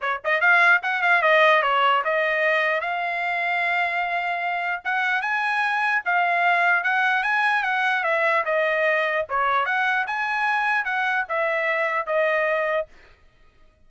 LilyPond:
\new Staff \with { instrumentName = "trumpet" } { \time 4/4 \tempo 4 = 149 cis''8 dis''8 f''4 fis''8 f''8 dis''4 | cis''4 dis''2 f''4~ | f''1 | fis''4 gis''2 f''4~ |
f''4 fis''4 gis''4 fis''4 | e''4 dis''2 cis''4 | fis''4 gis''2 fis''4 | e''2 dis''2 | }